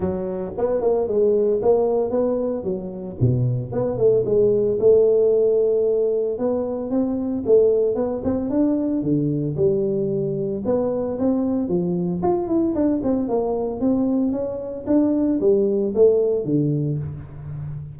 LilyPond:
\new Staff \with { instrumentName = "tuba" } { \time 4/4 \tempo 4 = 113 fis4 b8 ais8 gis4 ais4 | b4 fis4 b,4 b8 a8 | gis4 a2. | b4 c'4 a4 b8 c'8 |
d'4 d4 g2 | b4 c'4 f4 f'8 e'8 | d'8 c'8 ais4 c'4 cis'4 | d'4 g4 a4 d4 | }